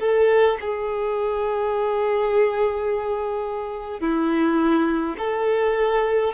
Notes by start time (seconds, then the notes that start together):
0.00 A4
0.61 G#4
4.01 E4
5.19 A4